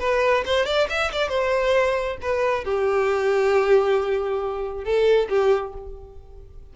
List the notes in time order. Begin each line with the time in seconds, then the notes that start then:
0.00 B4
0.46 C5
0.66 D5
0.90 E5
1.12 D5
1.29 C5
2.22 B4
2.65 G4
4.85 A4
5.29 G4